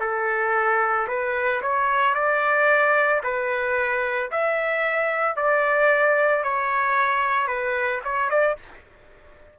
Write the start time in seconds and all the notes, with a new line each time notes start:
0.00 A4
1.08 B4
1.61 C#5
2.14 D5
3.23 B4
4.31 E5
5.36 D5
6.43 C#5
7.47 B4
8.04 C#5
8.29 D5